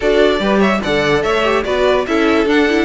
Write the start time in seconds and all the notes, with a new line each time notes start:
0.00 D4 F#4 A4 D5
0.39 G3 G4 B4
0.59 C#5 E5
0.82 D3 A4 D5 F#5
1.22 A3 C#5 E5
1.44 G4
1.64 B3 F#4 B4 D5
2.06 C#4 E4 A4 E5
2.45 D4 F#5
2.69 E4